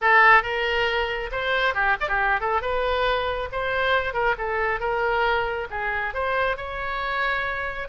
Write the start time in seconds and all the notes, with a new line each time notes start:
0.01 A4
0.43 A#4
1.31 C5
1.74 G4
2.00 D5
2.08 G4
2.40 A4
2.61 B4
3.52 C5
4.13 A#4
4.38 A4
4.80 A#4
5.70 G#4
6.13 C5
6.57 C#5